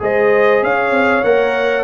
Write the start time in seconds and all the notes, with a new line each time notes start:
0.00 G#3 G#4 C5 D#5
0.62 C#4 C#5 F5
0.91 C4
1.24 A#3 A#4 F#5